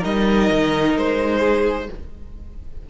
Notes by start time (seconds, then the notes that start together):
0.00 G3 D#4 A#4 D#5
0.52 D#3
0.97 G#3 C5
1.39 G#4